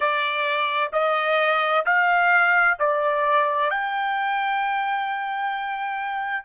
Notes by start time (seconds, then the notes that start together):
0.00 D5
0.92 D#5
1.85 F5
2.79 D5
3.70 G5